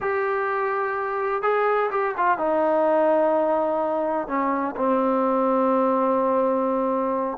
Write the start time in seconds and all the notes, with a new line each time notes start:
0.01 G4
1.42 G#4
1.90 G4
2.17 F4
2.38 D#4
4.27 C#4
4.76 C4